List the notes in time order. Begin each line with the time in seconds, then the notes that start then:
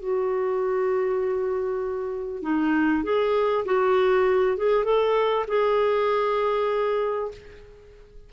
0.00 F#4
2.43 D#4
3.04 G#4
3.66 F#4
4.58 G#4
4.85 A4
5.48 G#4